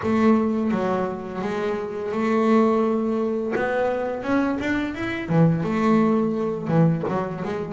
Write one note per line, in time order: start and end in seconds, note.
0.03 0.71 A3
0.71 1.41 F#3
1.41 2.12 G#3
2.12 3.53 A3
3.55 4.22 B3
4.22 4.58 C#4
4.59 4.94 D4
4.94 5.28 E4
5.28 5.63 E3
5.63 6.67 A3
6.67 7.03 E3
7.08 7.43 F#3
7.44 7.73 G#3